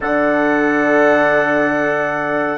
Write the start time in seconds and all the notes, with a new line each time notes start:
0.00 D3 D4 A4 F#5